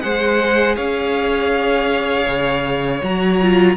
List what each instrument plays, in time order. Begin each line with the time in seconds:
0.00 cello G#3, viola G#4, violin C5 F#5
0.75 cello C#4, violin C#5 F5
2.26 cello C#3
3.03 cello F#3, viola F#4, violin A#5
3.42 viola F4